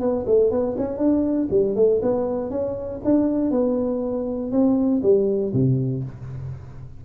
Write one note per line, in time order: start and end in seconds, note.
0.00 0.25 B3
0.26 0.51 A3
0.51 0.76 B3
0.77 0.98 C#4
0.98 1.48 D4
1.50 1.76 G3
1.76 2.01 A3
2.02 2.50 B3
2.50 3.01 C#4
3.05 3.51 D4
3.51 4.52 B3
4.52 5.02 C4
5.03 5.53 G3
5.53 6.04 C3